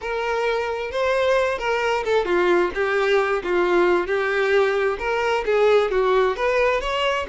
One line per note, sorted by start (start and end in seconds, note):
0.01 0.91 A#4
0.91 1.58 C5
1.58 2.04 A#4
2.04 2.25 A4
2.25 2.70 F4
2.74 3.42 G4
3.43 4.06 F4
4.06 4.97 G4
4.98 5.44 A#4
5.45 5.91 G#4
5.91 6.36 F#4
6.36 6.80 B4
6.80 7.26 C#5